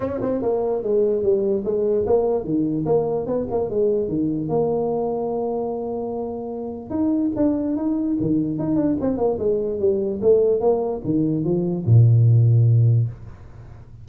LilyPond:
\new Staff \with { instrumentName = "tuba" } { \time 4/4 \tempo 4 = 147 cis'8 c'8 ais4 gis4 g4 | gis4 ais4 dis4 ais4 | b8 ais8 gis4 dis4 ais4~ | ais1~ |
ais4 dis'4 d'4 dis'4 | dis4 dis'8 d'8 c'8 ais8 gis4 | g4 a4 ais4 dis4 | f4 ais,2. | }